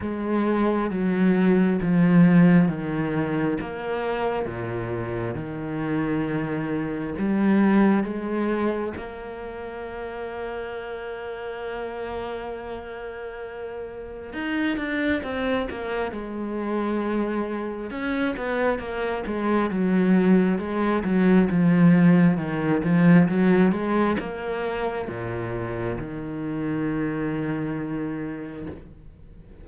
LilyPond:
\new Staff \with { instrumentName = "cello" } { \time 4/4 \tempo 4 = 67 gis4 fis4 f4 dis4 | ais4 ais,4 dis2 | g4 gis4 ais2~ | ais1 |
dis'8 d'8 c'8 ais8 gis2 | cis'8 b8 ais8 gis8 fis4 gis8 fis8 | f4 dis8 f8 fis8 gis8 ais4 | ais,4 dis2. | }